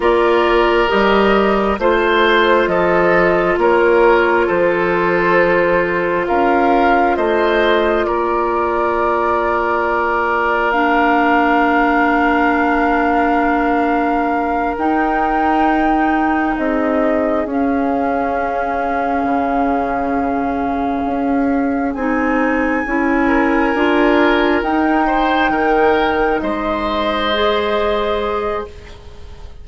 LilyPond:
<<
  \new Staff \with { instrumentName = "flute" } { \time 4/4 \tempo 4 = 67 d''4 dis''4 c''4 dis''4 | cis''4 c''2 f''4 | dis''4 d''2. | f''1~ |
f''8 g''2 dis''4 f''8~ | f''1~ | f''8 gis''2. g''8~ | g''4. dis''2~ dis''8 | }
  \new Staff \with { instrumentName = "oboe" } { \time 4/4 ais'2 c''4 a'4 | ais'4 a'2 ais'4 | c''4 ais'2.~ | ais'1~ |
ais'2~ ais'8 gis'4.~ | gis'1~ | gis'2 ais'2 | c''8 ais'4 c''2~ c''8 | }
  \new Staff \with { instrumentName = "clarinet" } { \time 4/4 f'4 g'4 f'2~ | f'1~ | f'1 | d'1~ |
d'8 dis'2. cis'8~ | cis'1~ | cis'8 dis'4 e'4 f'4 dis'8~ | dis'2~ dis'8 gis'4. | }
  \new Staff \with { instrumentName = "bassoon" } { \time 4/4 ais4 g4 a4 f4 | ais4 f2 cis'4 | a4 ais2.~ | ais1~ |
ais8 dis'2 c'4 cis'8~ | cis'4. cis2 cis'8~ | cis'8 c'4 cis'4 d'4 dis'8~ | dis'8 dis4 gis2~ gis8 | }
>>